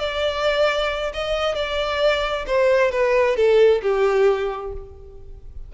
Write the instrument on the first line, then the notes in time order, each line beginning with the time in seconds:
violin
0.00 D5
1.14 D#5
1.55 D5
2.47 C5
2.92 B4
3.37 A4
3.83 G4